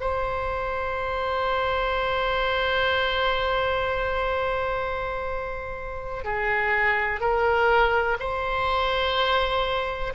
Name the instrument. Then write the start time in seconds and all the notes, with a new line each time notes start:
oboe
0.00 C5
6.24 G#4
7.20 A#4
8.19 C5